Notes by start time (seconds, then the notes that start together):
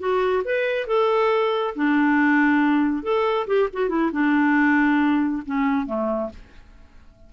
0.00 F#4
0.45 B4
0.88 A4
1.76 D4
3.04 A4
3.48 G4
3.74 F#4
3.90 E4
4.13 D4
5.46 C#4
5.87 A3